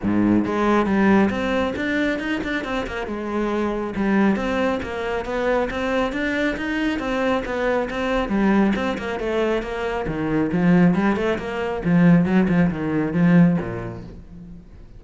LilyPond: \new Staff \with { instrumentName = "cello" } { \time 4/4 \tempo 4 = 137 gis,4 gis4 g4 c'4 | d'4 dis'8 d'8 c'8 ais8 gis4~ | gis4 g4 c'4 ais4 | b4 c'4 d'4 dis'4 |
c'4 b4 c'4 g4 | c'8 ais8 a4 ais4 dis4 | f4 g8 a8 ais4 f4 | fis8 f8 dis4 f4 ais,4 | }